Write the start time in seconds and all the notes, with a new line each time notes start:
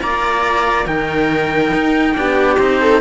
0.00 A#3 F4 D5 A#5
0.87 D#3 D#4 A#4 G5
1.74 D#4
2.14 B3 D4 G4
2.58 C4 D#4 C5
2.81 A4